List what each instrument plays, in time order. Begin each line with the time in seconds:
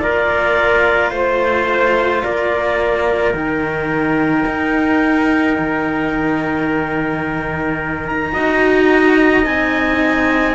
0.00 cello A#3 F4, trumpet A#4, clarinet D5
1.11 cello A3, trumpet C5, clarinet C5
2.23 cello A#3, trumpet A#4, clarinet D5
3.34 cello D#3 D#4, clarinet G5
4.46 cello D#4
5.59 cello D#3
8.07 clarinet A#5
8.33 cello D#4 F#4, trumpet D#5
9.45 cello C4 D#4, clarinet G#5